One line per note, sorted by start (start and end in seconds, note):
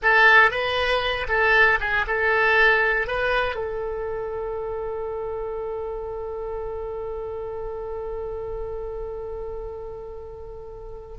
0.02 0.50 A4
0.50 1.26 B4
1.28 1.79 A4
1.80 2.05 G#4
2.07 3.07 A4
3.07 3.55 B4
3.55 11.17 A4